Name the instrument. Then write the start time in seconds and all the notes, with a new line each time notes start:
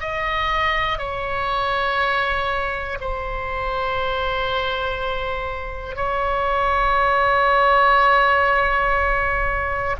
oboe
0.00 D#5
0.98 C#5
3.00 C5
5.95 C#5